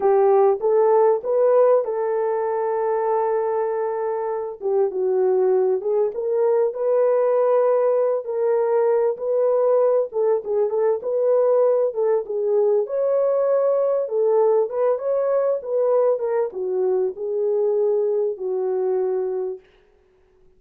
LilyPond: \new Staff \with { instrumentName = "horn" } { \time 4/4 \tempo 4 = 98 g'4 a'4 b'4 a'4~ | a'2.~ a'8 g'8 | fis'4. gis'8 ais'4 b'4~ | b'4. ais'4. b'4~ |
b'8 a'8 gis'8 a'8 b'4. a'8 | gis'4 cis''2 a'4 | b'8 cis''4 b'4 ais'8 fis'4 | gis'2 fis'2 | }